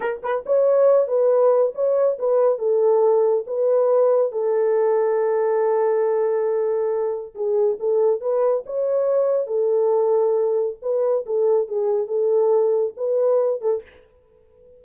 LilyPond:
\new Staff \with { instrumentName = "horn" } { \time 4/4 \tempo 4 = 139 ais'8 b'8 cis''4. b'4. | cis''4 b'4 a'2 | b'2 a'2~ | a'1~ |
a'4 gis'4 a'4 b'4 | cis''2 a'2~ | a'4 b'4 a'4 gis'4 | a'2 b'4. a'8 | }